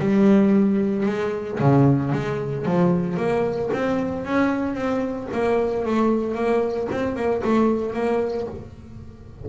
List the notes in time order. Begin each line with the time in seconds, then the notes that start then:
0.00 G3
1.06 G#3
1.60 C#3
2.13 G#3
2.66 F3
3.17 A#3
3.73 C4
4.26 C#4
4.75 C4
5.33 A#3
5.86 A3
6.35 A#3
6.92 C4
7.16 A#3
7.44 A3
7.94 A#3